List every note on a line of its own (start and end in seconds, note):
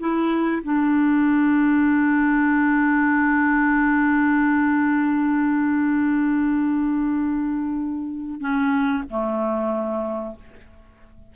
0.00 0.62 E4
0.63 8.41 D4
8.41 9.03 C#4
9.11 10.36 A3